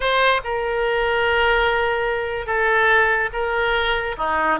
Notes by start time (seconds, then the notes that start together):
0.00 C5
0.44 A#4
2.46 A4
3.32 A#4
4.17 D#4